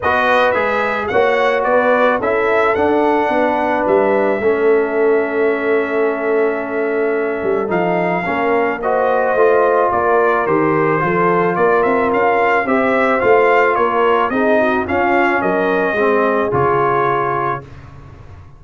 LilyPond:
<<
  \new Staff \with { instrumentName = "trumpet" } { \time 4/4 \tempo 4 = 109 dis''4 e''4 fis''4 d''4 | e''4 fis''2 e''4~ | e''1~ | e''2 f''2 |
dis''2 d''4 c''4~ | c''4 d''8 e''8 f''4 e''4 | f''4 cis''4 dis''4 f''4 | dis''2 cis''2 | }
  \new Staff \with { instrumentName = "horn" } { \time 4/4 b'2 cis''4 b'4 | a'2 b'2 | a'1~ | a'2. ais'4 |
c''2 ais'2 | a'4 ais'2 c''4~ | c''4 ais'4 gis'8 fis'8 f'4 | ais'4 gis'2. | }
  \new Staff \with { instrumentName = "trombone" } { \time 4/4 fis'4 gis'4 fis'2 | e'4 d'2. | cis'1~ | cis'2 dis'4 cis'4 |
fis'4 f'2 g'4 | f'2. g'4 | f'2 dis'4 cis'4~ | cis'4 c'4 f'2 | }
  \new Staff \with { instrumentName = "tuba" } { \time 4/4 b4 gis4 ais4 b4 | cis'4 d'4 b4 g4 | a1~ | a4. g8 f4 ais4~ |
ais4 a4 ais4 dis4 | f4 ais8 c'8 cis'4 c'4 | a4 ais4 c'4 cis'4 | fis4 gis4 cis2 | }
>>